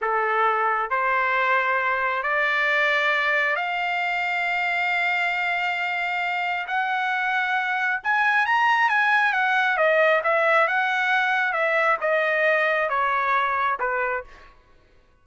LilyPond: \new Staff \with { instrumentName = "trumpet" } { \time 4/4 \tempo 4 = 135 a'2 c''2~ | c''4 d''2. | f''1~ | f''2. fis''4~ |
fis''2 gis''4 ais''4 | gis''4 fis''4 dis''4 e''4 | fis''2 e''4 dis''4~ | dis''4 cis''2 b'4 | }